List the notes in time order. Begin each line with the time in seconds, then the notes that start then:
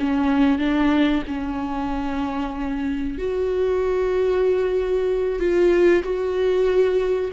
0.00 C#4
0.59 D4
1.28 C#4
3.19 F#4
5.40 F4
6.04 F#4